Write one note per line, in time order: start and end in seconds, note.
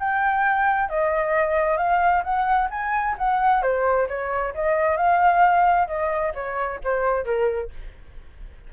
0.00 0.89 G5
0.89 1.78 D#5
1.78 2.23 F5
2.24 2.69 F#5
2.71 3.16 G#5
3.18 3.63 F#5
3.63 4.08 C5
4.09 4.54 C#5
4.55 4.97 D#5
4.97 5.88 F5
5.88 6.33 D#5
6.35 6.80 C#5
6.84 7.25 C5
7.25 7.71 A#4